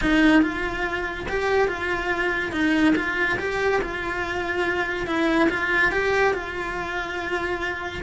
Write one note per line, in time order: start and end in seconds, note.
0.01 0.42 D#4
0.42 1.27 F4
1.28 1.68 G4
1.68 2.52 F4
2.52 2.94 D#4
2.95 3.38 F4
3.38 3.81 G4
3.81 5.06 F4
5.06 5.49 E4
5.49 5.91 F4
5.91 6.33 G4
6.33 8.02 F4